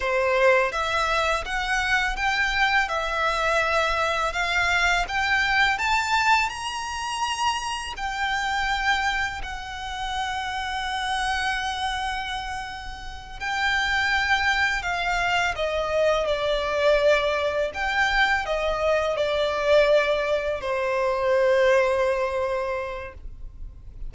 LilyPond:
\new Staff \with { instrumentName = "violin" } { \time 4/4 \tempo 4 = 83 c''4 e''4 fis''4 g''4 | e''2 f''4 g''4 | a''4 ais''2 g''4~ | g''4 fis''2.~ |
fis''2~ fis''8 g''4.~ | g''8 f''4 dis''4 d''4.~ | d''8 g''4 dis''4 d''4.~ | d''8 c''2.~ c''8 | }